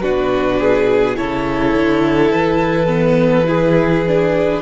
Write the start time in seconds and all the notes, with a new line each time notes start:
0.00 B2 D4 F#4 B4
0.60 G#4
1.16 C#3 E4 A4 C#5
1.75 D3
2.32 E3 B4
2.87 B3
3.47 E4 G#4
4.07 D4